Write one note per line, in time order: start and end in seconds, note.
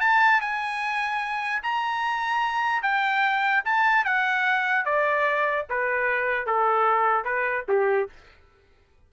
0.00 0.41 A5
0.41 1.62 G#5
1.63 2.82 A#5
2.82 3.63 G5
3.65 4.05 A5
4.05 4.85 F#5
4.85 5.66 D5
5.70 6.46 B4
6.46 7.24 A4
7.24 7.65 B4
7.68 8.09 G4